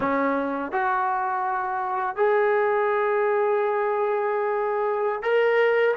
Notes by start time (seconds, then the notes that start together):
0.00 C#4
0.72 F#4
2.16 G#4
5.22 A#4